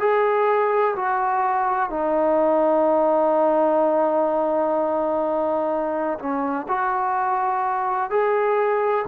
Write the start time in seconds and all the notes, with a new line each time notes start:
0.00 G#4
0.96 F#4
1.90 D#4
6.19 C#4
6.68 F#4
8.10 G#4